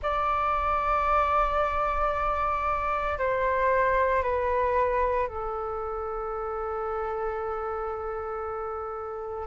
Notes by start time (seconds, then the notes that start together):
0.02 D5
3.18 C5
4.22 B4
5.27 A4